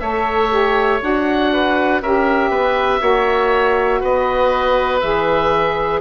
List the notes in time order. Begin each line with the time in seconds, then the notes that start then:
0.00 A3 A4 C#5 E5
0.50 G4
1.01 D4 F#4 F#5
1.52 B4
2.02 C#4 G4 A#4 E5
2.50 B3 B4
3.00 A#3 F#4 C#5
4.00 B3 B4 D#5
5.01 E3 G#4 E5